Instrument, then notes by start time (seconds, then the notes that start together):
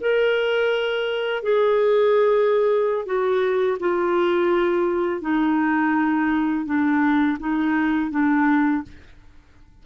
clarinet
0.00 A#4
1.43 G#4
3.05 F#4
3.80 F4
5.21 D#4
6.65 D4
7.40 D#4
8.11 D4